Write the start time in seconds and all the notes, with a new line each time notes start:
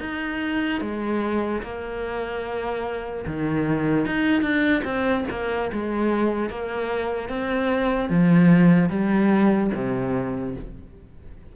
0.00 D#4
0.81 G#3
1.63 A#3
3.27 D#3
4.06 D#4
4.42 D4
4.84 C4
5.30 A#3
5.72 G#3
6.50 A#3
7.29 C4
8.09 F3
8.90 G3
9.74 C3